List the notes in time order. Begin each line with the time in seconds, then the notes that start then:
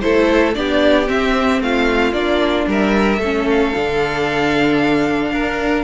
0.00 A3 E4 A4 C5
0.54 B3 D4 G4 D5
1.06 C4 E5
1.60 A3 F4 F5
2.12 A#3 D4 D5
2.67 G3 A#4 E5
3.18 A3 C#4 A4
3.49 F5
3.75 D3 D4
5.31 D4 A#4